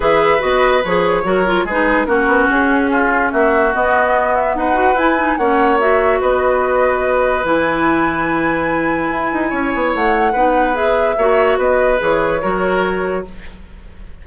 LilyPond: <<
  \new Staff \with { instrumentName = "flute" } { \time 4/4 \tempo 4 = 145 e''4 dis''4 cis''2 | b'4 ais'4 gis'2 | e''4 dis''4. e''8 fis''4 | gis''4 fis''4 e''4 dis''4~ |
dis''2 gis''2~ | gis''1 | fis''2 e''2 | dis''4 cis''2. | }
  \new Staff \with { instrumentName = "oboe" } { \time 4/4 b'2. ais'4 | gis'4 fis'2 f'4 | fis'2. b'4~ | b'4 cis''2 b'4~ |
b'1~ | b'2. cis''4~ | cis''4 b'2 cis''4 | b'2 ais'2 | }
  \new Staff \with { instrumentName = "clarinet" } { \time 4/4 gis'4 fis'4 gis'4 fis'8 f'8 | dis'4 cis'2.~ | cis'4 b2~ b8 fis'8 | e'8 dis'8 cis'4 fis'2~ |
fis'2 e'2~ | e'1~ | e'4 dis'4 gis'4 fis'4~ | fis'4 gis'4 fis'2 | }
  \new Staff \with { instrumentName = "bassoon" } { \time 4/4 e4 b4 f4 fis4 | gis4 ais8 b8 cis'2 | ais4 b2 dis'4 | e'4 ais2 b4~ |
b2 e2~ | e2 e'8 dis'8 cis'8 b8 | a4 b2 ais4 | b4 e4 fis2 | }
>>